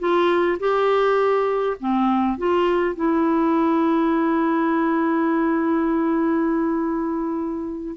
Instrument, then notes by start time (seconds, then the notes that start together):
clarinet
0.00 F4
0.60 G4
1.80 C4
2.38 F4
2.96 E4